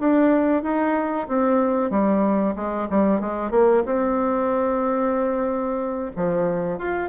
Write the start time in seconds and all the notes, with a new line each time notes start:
0.00 D4
0.63 D#4
1.28 C4
1.91 G3
2.56 G#3
2.91 G3
3.21 G#3
3.51 A#3
3.86 C4
6.16 F3
6.79 F4